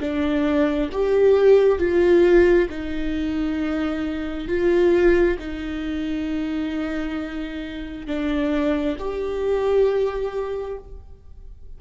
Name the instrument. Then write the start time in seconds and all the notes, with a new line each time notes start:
viola
0.00 D4
0.92 G4
1.78 F4
2.69 D#4
4.48 F4
5.39 D#4
8.07 D4
8.99 G4